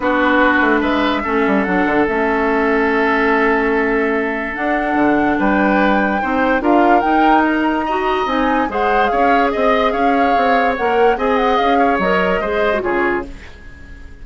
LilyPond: <<
  \new Staff \with { instrumentName = "flute" } { \time 4/4 \tempo 4 = 145 b'2 e''2 | fis''4 e''2.~ | e''2. fis''4~ | fis''4 g''2. |
f''4 g''4 ais''2 | gis''4 fis''4 f''4 dis''4 | f''2 fis''4 gis''8 fis''8 | f''4 dis''2 cis''4 | }
  \new Staff \with { instrumentName = "oboe" } { \time 4/4 fis'2 b'4 a'4~ | a'1~ | a'1~ | a'4 b'2 c''4 |
ais'2. dis''4~ | dis''4 c''4 cis''4 dis''4 | cis''2. dis''4~ | dis''8 cis''4. c''4 gis'4 | }
  \new Staff \with { instrumentName = "clarinet" } { \time 4/4 d'2. cis'4 | d'4 cis'2.~ | cis'2. d'4~ | d'2. dis'4 |
f'4 dis'2 fis'4 | dis'4 gis'2.~ | gis'2 ais'4 gis'4~ | gis'4 ais'4 gis'8. fis'16 f'4 | }
  \new Staff \with { instrumentName = "bassoon" } { \time 4/4 b4. a8 gis4 a8 g8 | fis8 d8 a2.~ | a2. d'4 | d4 g2 c'4 |
d'4 dis'2. | c'4 gis4 cis'4 c'4 | cis'4 c'4 ais4 c'4 | cis'4 fis4 gis4 cis4 | }
>>